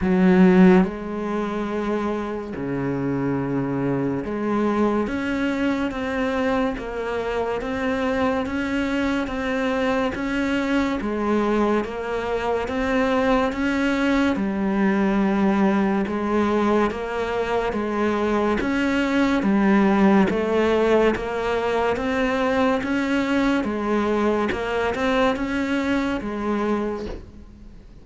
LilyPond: \new Staff \with { instrumentName = "cello" } { \time 4/4 \tempo 4 = 71 fis4 gis2 cis4~ | cis4 gis4 cis'4 c'4 | ais4 c'4 cis'4 c'4 | cis'4 gis4 ais4 c'4 |
cis'4 g2 gis4 | ais4 gis4 cis'4 g4 | a4 ais4 c'4 cis'4 | gis4 ais8 c'8 cis'4 gis4 | }